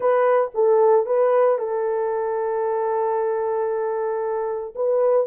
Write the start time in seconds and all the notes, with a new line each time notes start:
0.00 B4
0.54 A4
1.06 B4
1.58 A4
4.75 B4